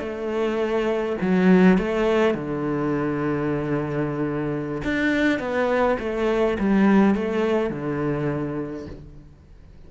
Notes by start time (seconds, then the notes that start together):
0.00 A3
1.21 F#3
1.78 A3
2.35 D3
4.85 D4
5.40 B3
5.99 A3
6.60 G3
7.15 A3
7.70 D3